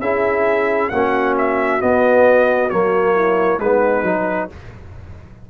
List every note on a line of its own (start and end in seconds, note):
0.00 0.90 C#4
0.00 0.91 E4
0.00 0.90 G#4
0.00 0.89 E5
0.89 1.81 A#3
0.89 1.80 C#4
0.89 3.14 F#4
0.89 1.34 F#5
1.37 1.81 E5
1.80 2.70 B3
1.80 2.72 B3
1.80 2.70 D#5
2.70 3.58 F#3
2.70 3.60 A#3
2.70 3.59 C#5
3.14 3.59 E4
3.58 4.02 G#3
3.58 4.04 B3
3.58 4.49 D#4
3.58 4.49 B4
4.02 4.47 F#3
4.02 4.49 D#4